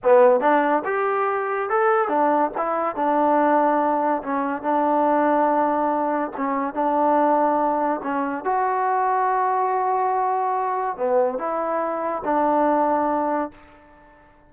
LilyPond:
\new Staff \with { instrumentName = "trombone" } { \time 4/4 \tempo 4 = 142 b4 d'4 g'2 | a'4 d'4 e'4 d'4~ | d'2 cis'4 d'4~ | d'2. cis'4 |
d'2. cis'4 | fis'1~ | fis'2 b4 e'4~ | e'4 d'2. | }